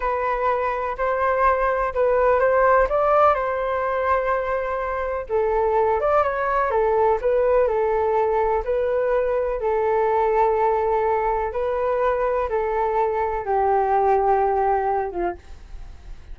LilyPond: \new Staff \with { instrumentName = "flute" } { \time 4/4 \tempo 4 = 125 b'2 c''2 | b'4 c''4 d''4 c''4~ | c''2. a'4~ | a'8 d''8 cis''4 a'4 b'4 |
a'2 b'2 | a'1 | b'2 a'2 | g'2.~ g'8 f'8 | }